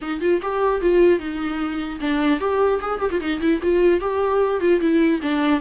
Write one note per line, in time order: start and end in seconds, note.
0.01 0.20 D#4
0.20 0.40 F4
0.41 0.81 G4
0.81 1.19 F4
1.19 1.99 D#4
2.00 2.40 D4
2.40 2.80 G4
2.81 3.00 G#4
3.00 3.10 G4
3.11 3.20 F4
3.20 3.40 D#4
3.40 3.60 E4
3.62 4.00 F4
4.00 4.60 G4
4.60 4.80 F4
4.80 5.20 E4
5.22 5.60 D4